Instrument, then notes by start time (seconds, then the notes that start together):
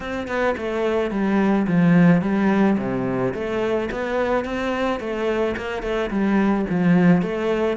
cello
0.00 C4
0.27 B3
0.57 A3
1.10 G3
1.67 F3
2.21 G3
2.78 C3
3.33 A3
3.91 B3
4.44 C4
4.99 A3
5.56 A#3
5.82 A3
6.10 G3
6.69 F3
7.21 A3